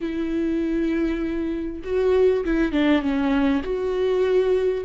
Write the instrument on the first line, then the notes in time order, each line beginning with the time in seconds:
viola
0.00 E4
1.83 F#4
2.45 E4
2.72 D4
3.02 C#4
3.63 F#4